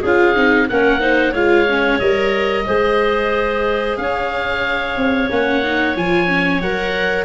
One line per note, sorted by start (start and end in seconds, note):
0.00 0.36 C#4
0.00 0.35 F4
0.00 0.66 G#4
0.00 0.69 F5
0.35 0.69 C4
0.35 0.68 D#4
0.69 1.34 A#3
0.69 1.00 C#4
0.69 1.01 A#4
0.69 1.34 F#5
1.00 1.33 D#4
1.00 1.32 C5
1.32 2.00 G#3
1.32 1.68 F4
1.32 2.64 C#5
1.32 1.99 F5
1.69 2.01 C#4
1.99 2.66 G3
1.99 2.67 A#4
1.99 3.97 D#5
2.66 3.98 G#3
2.66 5.30 G#4
2.66 3.98 C5
3.97 4.97 C#4
3.97 7.25 C#5
3.97 5.29 F5
4.97 5.30 C4
5.30 5.96 A#3
5.30 5.63 C#4
5.30 5.97 F#5
5.63 5.96 D#4
5.96 6.62 F3
5.96 6.28 F4
5.96 6.62 G#5
6.28 6.61 C#4
6.62 7.25 F#3
6.62 7.25 A#4
6.62 7.25 F#5